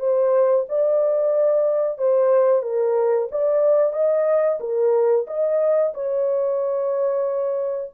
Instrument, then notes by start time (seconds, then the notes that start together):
horn
0.00 C5
0.69 D5
1.98 C5
2.63 A#4
3.32 D5
3.93 D#5
4.60 A#4
5.28 D#5
5.94 C#5